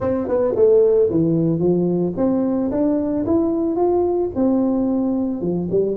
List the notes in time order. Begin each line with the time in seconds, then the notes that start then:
0.00 C4
0.28 B3
0.55 A3
1.10 E3
1.59 F3
2.16 C4
2.71 D4
3.26 E4
3.76 F4
4.35 C4
5.41 F3
5.71 G3